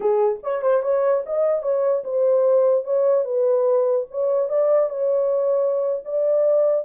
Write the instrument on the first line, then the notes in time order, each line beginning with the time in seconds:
horn
0.00 G#4
0.43 C#5
0.62 C5
0.82 C#5
1.26 D#5
1.62 C#5
2.04 C5
2.84 C#5
3.24 B4
4.10 C#5
4.49 D5
4.89 C#5
6.04 D5